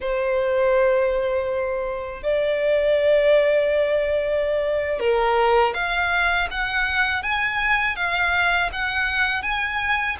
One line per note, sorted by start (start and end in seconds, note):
0.00 2.22 C5
2.22 4.99 D5
4.99 5.73 A#4
5.73 6.47 F5
6.51 7.23 F#5
7.23 7.96 G#5
7.96 8.70 F5
8.72 9.42 F#5
9.42 10.16 G#5